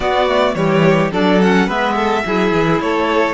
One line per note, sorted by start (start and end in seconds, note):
0.00 0.55 B3
0.00 0.28 B3
0.00 0.54 F#4
0.00 0.54 D5
0.28 0.55 A3
0.54 1.11 E3
0.54 1.11 G3
0.54 1.11 G4
0.54 1.11 C#5
1.11 1.68 F#3
1.11 1.40 D4
1.11 1.66 A4
1.11 1.41 D5
1.40 1.68 C#4
1.40 1.69 F#5
1.66 2.24 G#3
1.66 2.24 B3
1.66 1.94 B4
1.66 2.81 E5
1.95 2.23 A4
2.25 2.52 F#3
2.25 3.33 E4
2.25 2.82 G#4
2.52 2.80 E3
2.80 3.33 A3
2.80 3.33 A4
2.80 3.33 C#5